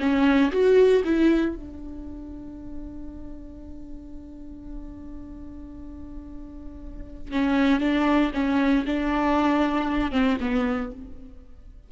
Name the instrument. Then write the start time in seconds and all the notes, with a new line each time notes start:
viola
0.00 C#4
0.52 F#4
1.05 E4
1.56 D4
7.32 C#4
7.81 D4
8.34 C#4
8.86 D4
10.12 C4
10.41 B3